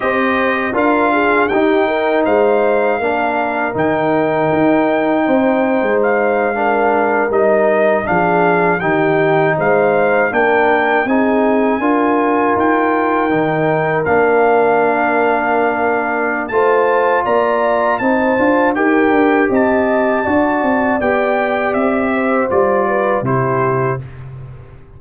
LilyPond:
<<
  \new Staff \with { instrumentName = "trumpet" } { \time 4/4 \tempo 4 = 80 dis''4 f''4 g''4 f''4~ | f''4 g''2. | f''4.~ f''16 dis''4 f''4 g''16~ | g''8. f''4 g''4 gis''4~ gis''16~ |
gis''8. g''2 f''4~ f''16~ | f''2 a''4 ais''4 | a''4 g''4 a''2 | g''4 e''4 d''4 c''4 | }
  \new Staff \with { instrumentName = "horn" } { \time 4/4 c''4 ais'8 gis'8 g'8 ais'8 c''4 | ais'2. c''4~ | c''8. ais'2 gis'4 g'16~ | g'8. c''4 ais'4 gis'4 ais'16~ |
ais'1~ | ais'2 c''4 d''4 | c''4 ais'4 dis''4 d''4~ | d''4. c''4 b'8 g'4 | }
  \new Staff \with { instrumentName = "trombone" } { \time 4/4 g'4 f'4 dis'2 | d'4 dis'2.~ | dis'8. d'4 dis'4 d'4 dis'16~ | dis'4.~ dis'16 d'4 dis'4 f'16~ |
f'4.~ f'16 dis'4 d'4~ d'16~ | d'2 f'2 | dis'8 f'8 g'2 fis'4 | g'2 f'4 e'4 | }
  \new Staff \with { instrumentName = "tuba" } { \time 4/4 c'4 d'4 dis'4 gis4 | ais4 dis4 dis'4 c'8. gis16~ | gis4.~ gis16 g4 f4 dis16~ | dis8. gis4 ais4 c'4 d'16~ |
d'8. dis'4 dis4 ais4~ ais16~ | ais2 a4 ais4 | c'8 d'8 dis'8 d'8 c'4 d'8 c'8 | b4 c'4 g4 c4 | }
>>